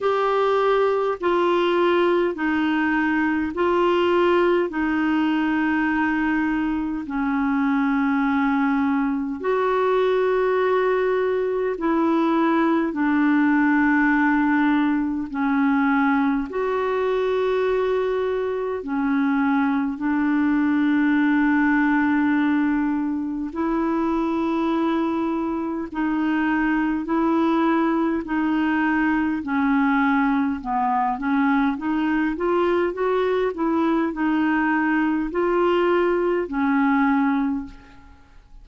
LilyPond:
\new Staff \with { instrumentName = "clarinet" } { \time 4/4 \tempo 4 = 51 g'4 f'4 dis'4 f'4 | dis'2 cis'2 | fis'2 e'4 d'4~ | d'4 cis'4 fis'2 |
cis'4 d'2. | e'2 dis'4 e'4 | dis'4 cis'4 b8 cis'8 dis'8 f'8 | fis'8 e'8 dis'4 f'4 cis'4 | }